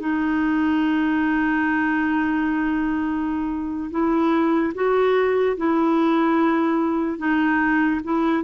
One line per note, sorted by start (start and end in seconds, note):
0.00 3.90 D#4
3.91 4.73 E4
4.75 5.57 F#4
5.57 7.18 E4
7.18 8.01 D#4
8.04 8.44 E4